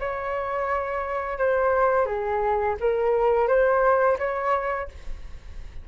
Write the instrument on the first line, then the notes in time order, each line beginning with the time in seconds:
flute
0.00 C#5
1.38 C5
2.06 G#4
2.80 A#4
3.48 C5
4.19 C#5